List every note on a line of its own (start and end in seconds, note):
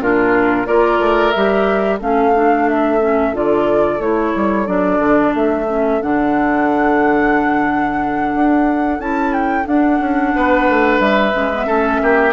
0.00 0.67 A#2
0.00 0.67 D4
0.00 0.68 F4
0.00 0.67 A#4
0.67 1.00 A#3
0.67 1.33 F4
0.67 1.99 A#4
0.67 1.32 D5
1.00 1.33 A3
1.32 2.01 G3
1.32 2.00 G4
1.32 1.98 E5
1.99 3.34 A3
1.99 2.34 C#4
1.99 10.33 A4
1.99 2.69 F5
2.34 3.00 D4
2.69 3.36 E5
3.00 3.33 C#4
3.33 4.00 D3
3.33 4.00 F4
3.33 4.02 D5
4.00 4.33 A3
4.00 4.66 E4
4.00 4.67 C#5
4.36 4.68 G3
4.66 4.99 F#3
4.66 5.66 D4
4.66 5.33 D5
4.99 5.32 D3
5.35 6.01 A3
5.35 6.02 E5
5.68 6.01 C#4
6.01 8.35 D3
6.01 9.01 D4
6.01 9.01 F#5
8.35 9.00 D4
9.00 9.66 C#4
9.00 9.65 E4
9.00 9.33 A5
9.33 9.67 G5
9.65 11.32 D4
9.65 10.00 D4
9.65 11.01 F#5
10.00 10.33 C#4
10.36 10.69 B3
10.36 11.67 B4
10.69 11.00 A3
11.00 11.33 G3
11.00 12.34 E5
11.34 11.67 G#3
11.34 11.51 C#4
11.54 11.66 B3
11.66 12.01 A3
11.66 12.33 C#4
11.66 12.01 A4
12.02 12.34 A#3
12.02 12.34 G4